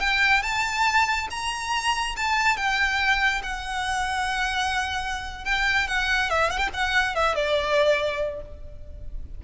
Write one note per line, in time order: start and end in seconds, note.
0.00 0.43 G5
0.43 1.28 A5
1.30 2.15 A#5
2.17 2.57 A5
2.57 3.42 G5
3.43 5.45 F#5
5.45 5.87 G5
5.88 6.30 F#5
6.30 6.50 E5
6.50 6.58 F#5
6.58 6.69 G5
6.74 7.15 F#5
7.15 7.35 E5
7.35 8.42 D5